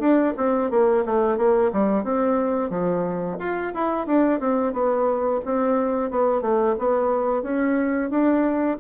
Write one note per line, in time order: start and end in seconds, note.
0.00 0.34 D4
0.37 0.71 C4
0.71 1.05 A#3
1.06 1.38 A3
1.38 1.72 A#3
1.73 2.04 G3
2.04 2.70 C4
2.70 3.38 F3
3.39 3.73 F4
3.74 4.07 E4
4.07 4.40 D4
4.40 4.73 C4
4.73 5.41 B3
5.45 6.11 C4
6.11 6.42 B3
6.42 6.76 A3
6.79 7.43 B3
7.43 8.11 C#4
8.11 8.78 D4